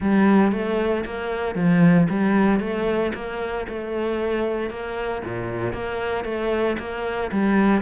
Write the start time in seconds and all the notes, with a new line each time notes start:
0.00 G3
0.52 A3
1.05 A#3
1.55 F3
2.09 G3
2.60 A3
3.14 A#3
3.68 A3
4.70 A#3
5.24 A#2
5.72 A#3
6.24 A3
6.78 A#3
7.31 G3